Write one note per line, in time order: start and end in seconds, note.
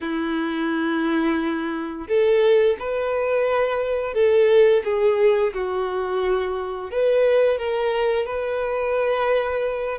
0.00 2.07 E4
2.08 2.76 A4
2.79 4.14 B4
4.14 4.83 A4
4.84 5.53 G#4
5.53 6.90 F#4
6.90 7.58 B4
7.58 8.26 A#4
8.26 9.98 B4